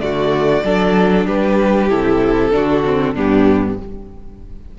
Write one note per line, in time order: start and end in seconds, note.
0.00 0.63 D3
0.00 0.63 A3
0.00 0.64 F#4
0.00 1.26 D5
0.64 1.27 F#3
0.64 1.89 D4
0.64 1.26 A4
1.26 1.90 G3
1.26 2.53 G4
1.26 1.89 B4
1.89 2.53 C3
1.89 2.52 E4
1.89 3.16 A4
2.52 3.16 D3
2.52 2.83 D4
2.52 3.14 F#4
2.85 3.16 C4
3.14 3.79 G2
3.14 3.79 B3
3.14 3.77 D4
3.14 3.79 G4